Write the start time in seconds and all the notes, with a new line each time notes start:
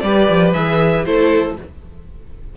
0.00 G3 G4 B4 D5
0.29 F3
0.53 E3 G#4 E5
1.05 A3 E4 A4 C5